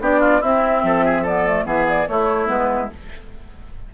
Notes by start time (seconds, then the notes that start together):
0.00 B3 D4 G4 D5
0.20 F4
0.40 C4 E4 E5
0.83 F3 A4
1.05 G#4
1.22 B3 A4 D5
1.47 A3
1.65 E3 B3 G#4 E5
1.88 D5
2.07 A3 E4 C#5
2.46 G#3 B3 B4